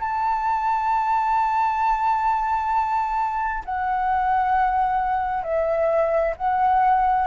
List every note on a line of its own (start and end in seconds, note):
0.00 3.64 A5
3.65 5.43 F#5
5.43 6.34 E5
6.37 7.27 F#5